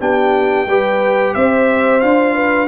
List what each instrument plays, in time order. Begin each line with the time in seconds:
0.00 tuba B3, trombone D4, horn G4, trumpet G5
0.67 tuba G3, trombone G4, horn B4
1.34 tuba C4, horn C5, trumpet E5
2.01 tuba D4, trombone F4, trumpet F5
2.36 horn B4